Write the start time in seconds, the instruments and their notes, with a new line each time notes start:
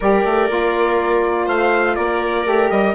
0.00 bassoon G3, saxophone G4, viola A#4, trumpet D5
0.24 bassoon A3
0.49 bassoon A#3, saxophone F4
1.45 bassoon A3, viola C5, trumpet F5
1.95 bassoon A#3, viola A#4, trumpet D5
2.45 bassoon A3, saxophone G4
2.70 bassoon G3, trumpet D#5